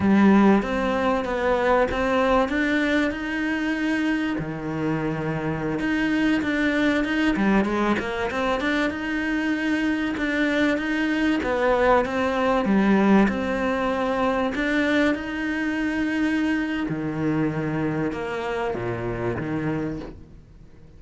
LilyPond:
\new Staff \with { instrumentName = "cello" } { \time 4/4 \tempo 4 = 96 g4 c'4 b4 c'4 | d'4 dis'2 dis4~ | dis4~ dis16 dis'4 d'4 dis'8 g16~ | g16 gis8 ais8 c'8 d'8 dis'4.~ dis'16~ |
dis'16 d'4 dis'4 b4 c'8.~ | c'16 g4 c'2 d'8.~ | d'16 dis'2~ dis'8. dis4~ | dis4 ais4 ais,4 dis4 | }